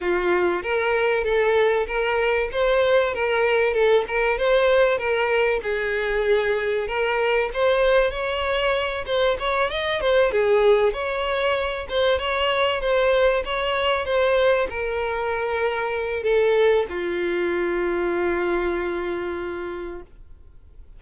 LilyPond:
\new Staff \with { instrumentName = "violin" } { \time 4/4 \tempo 4 = 96 f'4 ais'4 a'4 ais'4 | c''4 ais'4 a'8 ais'8 c''4 | ais'4 gis'2 ais'4 | c''4 cis''4. c''8 cis''8 dis''8 |
c''8 gis'4 cis''4. c''8 cis''8~ | cis''8 c''4 cis''4 c''4 ais'8~ | ais'2 a'4 f'4~ | f'1 | }